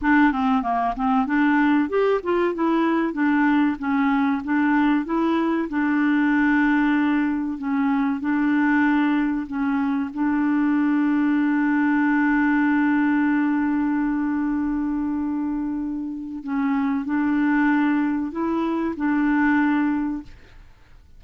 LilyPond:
\new Staff \with { instrumentName = "clarinet" } { \time 4/4 \tempo 4 = 95 d'8 c'8 ais8 c'8 d'4 g'8 f'8 | e'4 d'4 cis'4 d'4 | e'4 d'2. | cis'4 d'2 cis'4 |
d'1~ | d'1~ | d'2 cis'4 d'4~ | d'4 e'4 d'2 | }